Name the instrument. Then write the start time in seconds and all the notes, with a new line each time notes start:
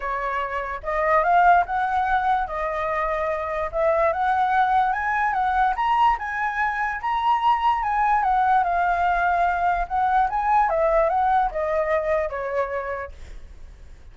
flute
0.00 C#5
0.83 D#5
1.23 F5
1.66 F#5
2.47 D#5
3.71 E5
4.12 F#5
4.92 G#5
5.33 F#5
5.76 A#5
6.18 G#5
7.01 A#5
7.83 G#5
8.23 F#5
8.63 F5
9.87 F#5
10.29 G#5
10.69 E5
11.09 F#5
11.51 D#5
12.29 C#5